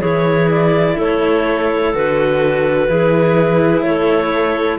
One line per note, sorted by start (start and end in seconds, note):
0.00 0.96 E3
0.00 1.94 E4
0.00 0.95 G#4
0.00 0.49 C#5
0.50 0.98 D5
0.97 1.94 A3
0.97 2.87 A4
0.97 1.95 C#5
1.94 2.88 D3
1.94 2.89 F#4
1.94 3.83 B4
2.88 3.82 E3
2.88 4.79 E4
2.88 3.85 G#4
3.82 4.77 A3
3.82 4.79 A4
3.82 4.78 C#5